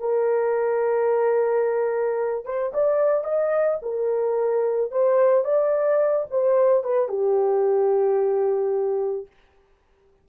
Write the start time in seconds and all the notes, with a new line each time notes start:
0.00 A#4
2.45 C5
2.74 D5
3.24 D#5
3.82 A#4
4.92 C5
5.44 D5
6.30 C5
6.84 B4
7.09 G4